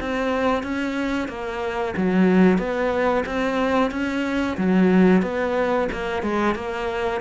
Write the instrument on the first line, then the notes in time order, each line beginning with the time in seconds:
cello
0.00 C4
0.63 C#4
1.28 A#3
1.96 F#3
2.58 B3
3.25 C4
3.91 C#4
4.57 F#3
5.22 B3
5.92 A#3
6.22 G#3
6.55 A#3